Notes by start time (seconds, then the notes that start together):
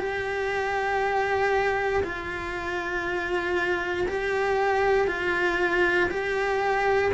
0.00 G4
2.04 F4
4.08 G4
5.08 F4
6.11 G4